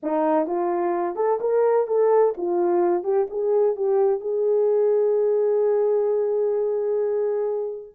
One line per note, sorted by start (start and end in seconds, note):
0.03 0.46 D#4
0.46 1.15 F4
1.15 1.39 A4
1.40 1.87 A#4
1.87 2.34 A4
2.37 3.03 F4
3.03 3.27 G4
3.30 3.76 G#4
3.76 4.20 G4
4.20 7.95 G#4